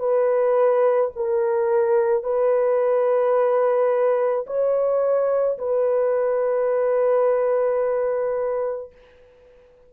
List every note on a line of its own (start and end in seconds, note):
0.00 1.11 B4
1.16 2.24 A#4
2.24 4.46 B4
4.47 5.58 C#5
5.59 8.92 B4